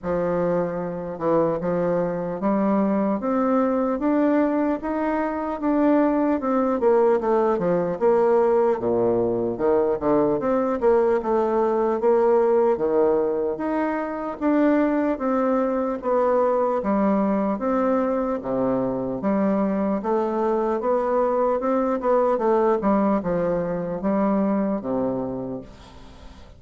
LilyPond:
\new Staff \with { instrumentName = "bassoon" } { \time 4/4 \tempo 4 = 75 f4. e8 f4 g4 | c'4 d'4 dis'4 d'4 | c'8 ais8 a8 f8 ais4 ais,4 | dis8 d8 c'8 ais8 a4 ais4 |
dis4 dis'4 d'4 c'4 | b4 g4 c'4 c4 | g4 a4 b4 c'8 b8 | a8 g8 f4 g4 c4 | }